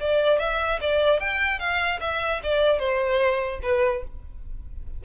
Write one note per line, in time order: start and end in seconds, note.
0.00 0.39 D5
0.39 0.79 E5
0.81 1.20 D5
1.20 1.59 G5
1.59 2.00 F5
2.00 2.41 E5
2.43 2.79 D5
2.79 3.60 C5
3.62 4.03 B4